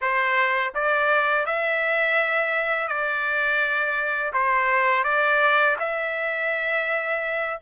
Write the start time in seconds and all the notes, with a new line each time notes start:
0.01 C5
0.74 D5
1.46 E5
2.88 D5
4.33 C5
5.04 D5
5.79 E5